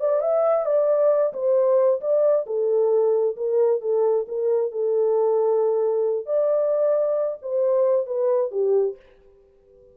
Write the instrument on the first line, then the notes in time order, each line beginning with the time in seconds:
horn
0.00 D5
0.21 E5
0.66 D5
1.33 C5
2.01 D5
2.46 A4
3.37 A#4
3.81 A4
4.28 A#4
4.72 A4
6.26 D5
7.42 C5
8.07 B4
8.52 G4